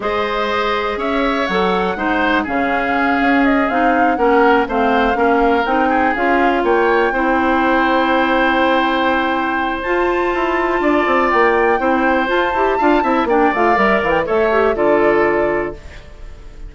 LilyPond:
<<
  \new Staff \with { instrumentName = "flute" } { \time 4/4 \tempo 4 = 122 dis''2 e''4 fis''4~ | fis''4 f''2 dis''8 f''8~ | f''8 fis''4 f''2 g''8~ | g''8 f''4 g''2~ g''8~ |
g''1 | a''2. g''4~ | g''4 a''2 g''8 f''8 | e''8 f''16 g''16 e''4 d''2 | }
  \new Staff \with { instrumentName = "oboe" } { \time 4/4 c''2 cis''2 | c''4 gis'2.~ | gis'8 ais'4 c''4 ais'4. | gis'4. cis''4 c''4.~ |
c''1~ | c''2 d''2 | c''2 f''8 e''8 d''4~ | d''4 cis''4 a'2 | }
  \new Staff \with { instrumentName = "clarinet" } { \time 4/4 gis'2. a'4 | dis'4 cis'2~ cis'8 dis'8~ | dis'8 cis'4 c'4 cis'4 dis'8~ | dis'8 f'2 e'4.~ |
e'1 | f'1 | e'4 f'8 g'8 f'8 e'8 d'8 f'8 | ais'4 a'8 g'8 f'2 | }
  \new Staff \with { instrumentName = "bassoon" } { \time 4/4 gis2 cis'4 fis4 | gis4 cis4. cis'4 c'8~ | c'8 ais4 a4 ais4 c'8~ | c'8 cis'4 ais4 c'4.~ |
c'1 | f'4 e'4 d'8 c'8 ais4 | c'4 f'8 e'8 d'8 c'8 ais8 a8 | g8 e8 a4 d2 | }
>>